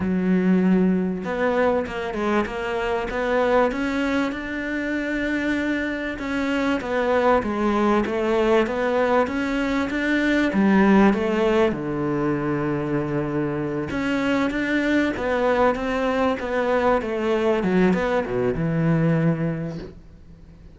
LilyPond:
\new Staff \with { instrumentName = "cello" } { \time 4/4 \tempo 4 = 97 fis2 b4 ais8 gis8 | ais4 b4 cis'4 d'4~ | d'2 cis'4 b4 | gis4 a4 b4 cis'4 |
d'4 g4 a4 d4~ | d2~ d8 cis'4 d'8~ | d'8 b4 c'4 b4 a8~ | a8 fis8 b8 b,8 e2 | }